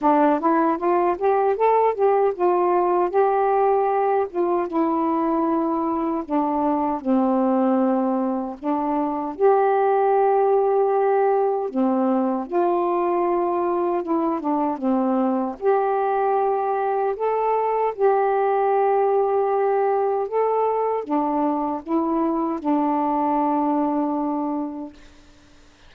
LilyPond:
\new Staff \with { instrumentName = "saxophone" } { \time 4/4 \tempo 4 = 77 d'8 e'8 f'8 g'8 a'8 g'8 f'4 | g'4. f'8 e'2 | d'4 c'2 d'4 | g'2. c'4 |
f'2 e'8 d'8 c'4 | g'2 a'4 g'4~ | g'2 a'4 d'4 | e'4 d'2. | }